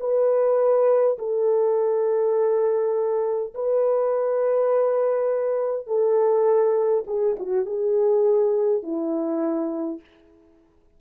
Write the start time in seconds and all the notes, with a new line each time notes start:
0.00 B4
1.18 A4
3.54 B4
5.87 A4
7.07 G#4
7.39 F#4
7.65 G#4
8.82 E4